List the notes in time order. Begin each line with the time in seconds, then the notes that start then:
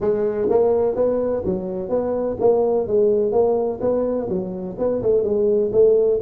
0.00 G#3
0.49 A#3
0.95 B3
1.45 F#3
1.89 B3
2.40 A#3
2.87 G#3
3.31 A#3
3.80 B3
4.29 F#3
4.78 B3
5.02 A3
5.23 G#3
5.72 A3